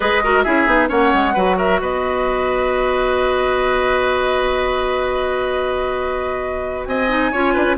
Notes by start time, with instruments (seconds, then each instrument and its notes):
0.00 bassoon G#3, clarinet G#4, oboe B4, flute D#5
0.23 clarinet F#4, oboe A#4
0.42 bassoon C#4, clarinet E4, oboe G#4, flute E5
0.66 bassoon B3, clarinet D#4
0.87 bassoon A#3, clarinet C#4, oboe C#5, flute F#5
1.13 bassoon G#3
1.33 bassoon F#3, clarinet F#4, oboe B4
1.57 oboe A#4, flute E5
1.80 bassoon B3, oboe B4, flute D#5
6.85 bassoon C4, oboe D#5, flute G#5
7.09 clarinet D#4
7.31 bassoon C#4, clarinet F4, oboe C#5
7.53 bassoon D4, oboe B4
7.64 bassoon C#4